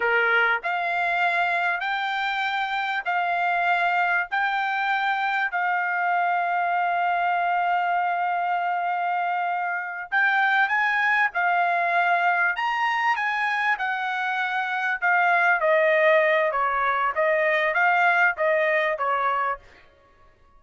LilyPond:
\new Staff \with { instrumentName = "trumpet" } { \time 4/4 \tempo 4 = 98 ais'4 f''2 g''4~ | g''4 f''2 g''4~ | g''4 f''2.~ | f''1~ |
f''8 g''4 gis''4 f''4.~ | f''8 ais''4 gis''4 fis''4.~ | fis''8 f''4 dis''4. cis''4 | dis''4 f''4 dis''4 cis''4 | }